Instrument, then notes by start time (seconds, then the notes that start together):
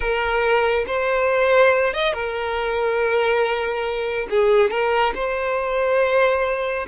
violin
0.00 A#4
0.86 C5
1.93 D#5
2.13 A#4
4.30 G#4
4.70 A#4
5.14 C5